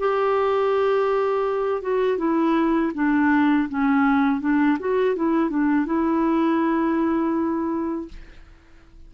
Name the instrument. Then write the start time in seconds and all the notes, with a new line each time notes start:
clarinet
0.00 G4
1.82 F#4
2.18 E4
2.95 D4
3.69 C#4
4.41 D4
4.79 F#4
5.16 E4
5.50 D4
5.86 E4